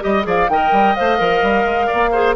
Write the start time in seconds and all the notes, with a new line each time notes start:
0.00 G3 G4 D#5
0.23 F3 G#4 D5 F5
0.48 D#3 A#4 D#5 G5
0.71 G3
0.95 A3 C5 F5
1.18 F3 A#4
1.42 G3
1.64 G#3
1.86 D5
1.93 A#3
2.11 G#4 C5